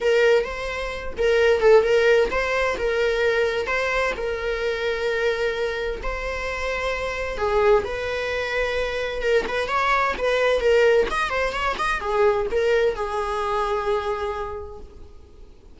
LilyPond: \new Staff \with { instrumentName = "viola" } { \time 4/4 \tempo 4 = 130 ais'4 c''4. ais'4 a'8 | ais'4 c''4 ais'2 | c''4 ais'2.~ | ais'4 c''2. |
gis'4 b'2. | ais'8 b'8 cis''4 b'4 ais'4 | dis''8 c''8 cis''8 dis''8 gis'4 ais'4 | gis'1 | }